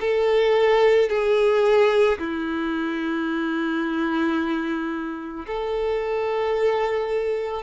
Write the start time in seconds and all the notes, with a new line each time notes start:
0.00 A4
1.09 G#4
2.18 E4
5.46 A4